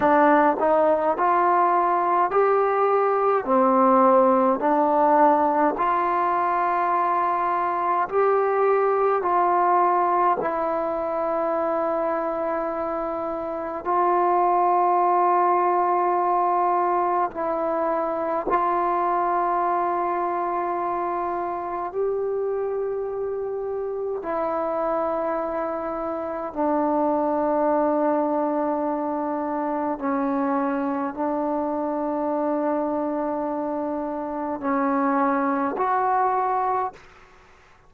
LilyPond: \new Staff \with { instrumentName = "trombone" } { \time 4/4 \tempo 4 = 52 d'8 dis'8 f'4 g'4 c'4 | d'4 f'2 g'4 | f'4 e'2. | f'2. e'4 |
f'2. g'4~ | g'4 e'2 d'4~ | d'2 cis'4 d'4~ | d'2 cis'4 fis'4 | }